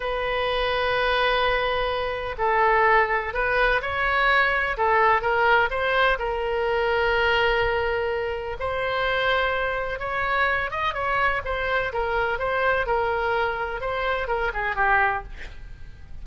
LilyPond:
\new Staff \with { instrumentName = "oboe" } { \time 4/4 \tempo 4 = 126 b'1~ | b'4 a'2 b'4 | cis''2 a'4 ais'4 | c''4 ais'2.~ |
ais'2 c''2~ | c''4 cis''4. dis''8 cis''4 | c''4 ais'4 c''4 ais'4~ | ais'4 c''4 ais'8 gis'8 g'4 | }